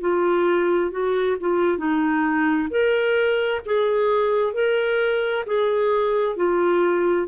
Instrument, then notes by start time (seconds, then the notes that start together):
clarinet
0.00 F4
0.90 F#4
1.40 F4
1.77 D#4
2.69 A#4
3.65 G#4
4.53 A#4
5.46 G#4
6.36 F4